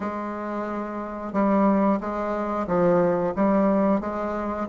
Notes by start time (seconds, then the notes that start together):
0.00 G#3
1.32 G3
2.00 G#3
2.67 F3
3.35 G3
4.00 G#3